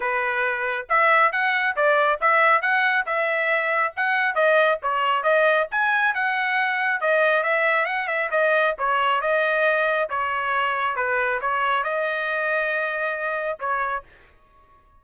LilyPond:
\new Staff \with { instrumentName = "trumpet" } { \time 4/4 \tempo 4 = 137 b'2 e''4 fis''4 | d''4 e''4 fis''4 e''4~ | e''4 fis''4 dis''4 cis''4 | dis''4 gis''4 fis''2 |
dis''4 e''4 fis''8 e''8 dis''4 | cis''4 dis''2 cis''4~ | cis''4 b'4 cis''4 dis''4~ | dis''2. cis''4 | }